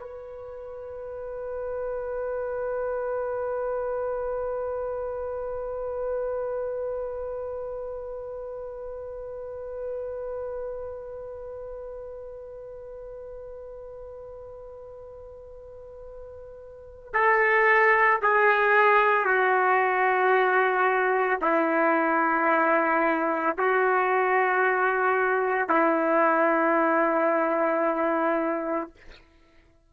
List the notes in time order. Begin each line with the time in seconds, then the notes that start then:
0.00 B4
17.13 A4
18.22 G#4
19.25 F#4
21.41 E4
23.57 F#4
25.69 E4